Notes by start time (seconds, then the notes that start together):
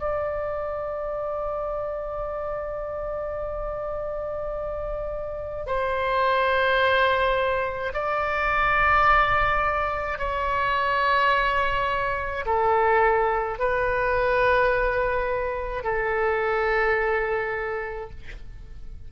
0.00 D5
5.67 C5
7.94 D5
10.19 C#5
12.46 A4
13.59 B4
15.84 A4